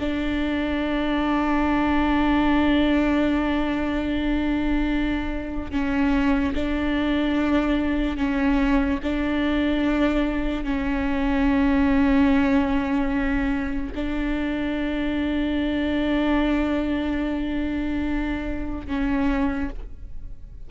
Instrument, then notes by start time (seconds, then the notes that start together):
viola
0.00 D4
5.72 C#4
6.55 D4
8.17 C#4
9.04 D4
10.64 C#4
13.95 D4
18.88 C#4